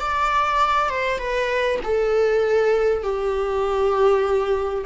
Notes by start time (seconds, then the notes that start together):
0.00 D5
0.89 C5
1.18 B4
1.83 A4
3.03 G4